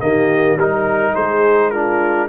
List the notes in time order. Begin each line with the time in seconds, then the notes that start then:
0.00 D#3 A#3 G4 D#5
0.55 G3 D#4 A#4
1.15 G#3 G#4 C5
1.70 D4 F4 A#4